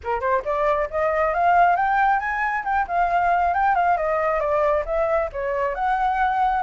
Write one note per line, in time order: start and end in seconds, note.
0.03 0.20 A#4
0.20 0.42 C5
0.44 0.88 D5
0.90 1.34 D#5
1.34 1.75 F5
1.75 2.19 G5
2.19 2.64 G#5
2.64 2.86 G5
2.87 3.54 F5
3.54 3.75 G5
3.75 3.97 F5
3.97 4.40 D#5
4.40 4.84 D5
4.85 5.29 E5
5.32 5.74 C#5
5.74 6.62 F#5